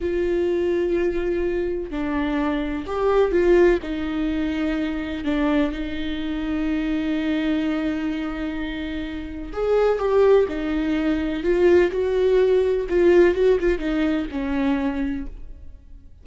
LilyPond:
\new Staff \with { instrumentName = "viola" } { \time 4/4 \tempo 4 = 126 f'1 | d'2 g'4 f'4 | dis'2. d'4 | dis'1~ |
dis'1 | gis'4 g'4 dis'2 | f'4 fis'2 f'4 | fis'8 f'8 dis'4 cis'2 | }